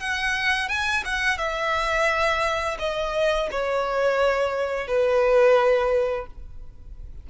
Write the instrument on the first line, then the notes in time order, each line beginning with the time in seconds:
violin
0.00 F#5
0.69 G#5
1.05 F#5
1.38 E5
2.79 D#5
3.51 C#5
4.87 B4